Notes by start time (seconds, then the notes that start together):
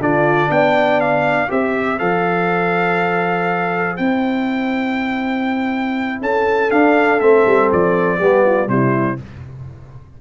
0.00 D3 D4 F4 D5
0.50 B3 D5 G5
1.00 F5
1.48 C4 G4 C5 E5
1.99 F3 A4 F5
3.96 C4 E4 G5
6.21 C#4 A4 A5
6.69 D4 F5
7.20 A3 C4 E5
7.46 G3
7.72 F3 D5
8.19 G3 B3 G4
8.46 F4
8.66 C3 G3 E4 C5